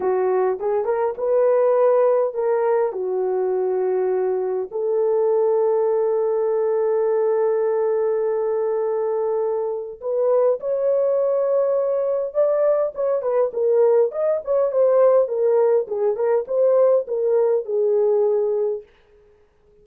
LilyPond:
\new Staff \with { instrumentName = "horn" } { \time 4/4 \tempo 4 = 102 fis'4 gis'8 ais'8 b'2 | ais'4 fis'2. | a'1~ | a'1~ |
a'4 b'4 cis''2~ | cis''4 d''4 cis''8 b'8 ais'4 | dis''8 cis''8 c''4 ais'4 gis'8 ais'8 | c''4 ais'4 gis'2 | }